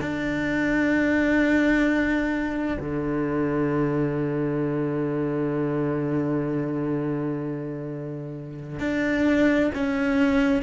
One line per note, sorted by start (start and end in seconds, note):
0.00 2.77 D4
2.79 8.79 D3
8.79 9.71 D4
9.74 10.62 C#4